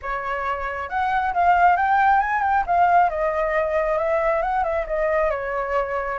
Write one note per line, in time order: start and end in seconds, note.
0.02 0.89 C#5
0.89 1.33 F#5
1.33 1.76 F5
1.76 2.20 G5
2.20 2.42 G#5
2.42 2.64 G5
2.66 3.09 F5
3.09 3.97 D#5
3.97 4.41 E5
4.41 4.63 F#5
4.63 4.85 E5
4.86 5.30 D#5
5.30 6.18 C#5